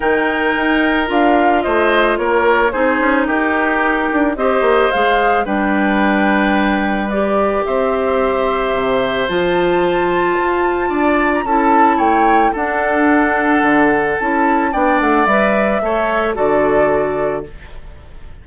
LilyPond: <<
  \new Staff \with { instrumentName = "flute" } { \time 4/4 \tempo 4 = 110 g''2 f''4 dis''4 | cis''4 c''4 ais'2 | dis''4 f''4 g''2~ | g''4 d''4 e''2~ |
e''4 a''2.~ | a''8. ais''16 a''4 g''4 fis''4~ | fis''2 a''4 g''8 fis''8 | e''2 d''2 | }
  \new Staff \with { instrumentName = "oboe" } { \time 4/4 ais'2. c''4 | ais'4 gis'4 g'2 | c''2 b'2~ | b'2 c''2~ |
c''1 | d''4 a'4 cis''4 a'4~ | a'2. d''4~ | d''4 cis''4 a'2 | }
  \new Staff \with { instrumentName = "clarinet" } { \time 4/4 dis'2 f'2~ | f'4 dis'2. | g'4 gis'4 d'2~ | d'4 g'2.~ |
g'4 f'2.~ | f'4 e'2 d'4~ | d'2 e'4 d'4 | b'4 a'4 fis'2 | }
  \new Staff \with { instrumentName = "bassoon" } { \time 4/4 dis4 dis'4 d'4 a4 | ais4 c'8 cis'8 dis'4. d'8 | c'8 ais8 gis4 g2~ | g2 c'2 |
c4 f2 f'4 | d'4 cis'4 a4 d'4~ | d'4 d4 cis'4 b8 a8 | g4 a4 d2 | }
>>